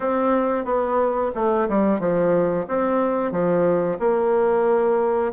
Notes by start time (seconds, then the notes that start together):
0.00 C4
0.65 B3
1.34 A3
1.68 G3
1.99 F3
2.68 C4
3.31 F3
3.99 A#3